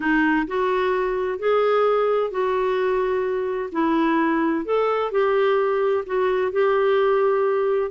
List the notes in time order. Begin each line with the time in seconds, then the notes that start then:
0.00 D#4
0.47 F#4
1.38 G#4
2.30 F#4
3.72 E4
4.65 A4
5.11 G4
6.05 F#4
6.52 G4